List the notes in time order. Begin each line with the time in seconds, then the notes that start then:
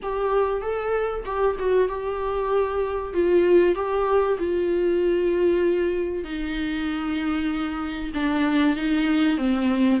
0.02 G4
0.61 A4
1.25 G4
1.59 F#4
1.88 G4
3.13 F4
3.75 G4
4.38 F4
6.24 D#4
8.14 D4
8.76 D#4
9.37 C4